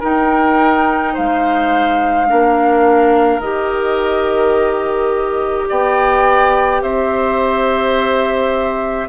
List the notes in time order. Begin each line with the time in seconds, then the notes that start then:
0.00 D#4 A#4 G5
1.14 G#3 C5 F5
2.27 A#3 D4 A#4
3.40 D#3 G4 D#5
5.69 B3 D5 G5
6.82 C4 C5 E5